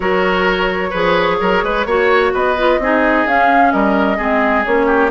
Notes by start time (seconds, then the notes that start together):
0.00 F#3 F#4 A#4 C#5
0.90 F3 G#4 B4
1.40 F#3 A#4
1.63 G#3 B4
1.85 A#3 F#4 C#5
2.33 B3 B4 D#5
2.57 F4
2.78 C4 D#4 G#4
3.26 C#4 F5
3.71 G3 A#4 D#5
4.17 G#3 C4 G#4
4.64 A#3 C#4 C#5
4.86 G4